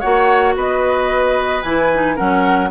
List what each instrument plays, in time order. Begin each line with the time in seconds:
0.00 bassoon A#3, clarinet F#4, oboe C#5, flute F#5
0.56 bassoon B3, oboe B4, flute D#5
1.63 bassoon E3, clarinet E4, flute G#5
1.94 clarinet D#4
2.16 bassoon F#3, clarinet C#4, oboe A#4, flute F#5